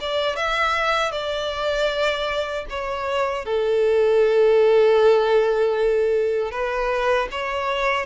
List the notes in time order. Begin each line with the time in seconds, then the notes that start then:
0.00 D5
0.36 E5
1.11 D5
2.69 C#5
3.45 A4
6.51 B4
7.31 C#5